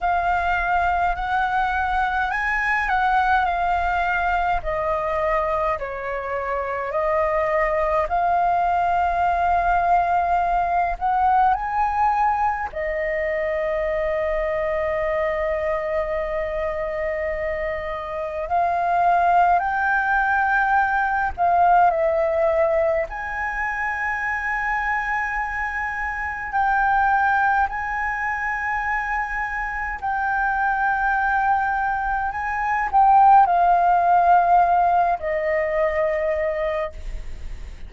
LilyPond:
\new Staff \with { instrumentName = "flute" } { \time 4/4 \tempo 4 = 52 f''4 fis''4 gis''8 fis''8 f''4 | dis''4 cis''4 dis''4 f''4~ | f''4. fis''8 gis''4 dis''4~ | dis''1 |
f''4 g''4. f''8 e''4 | gis''2. g''4 | gis''2 g''2 | gis''8 g''8 f''4. dis''4. | }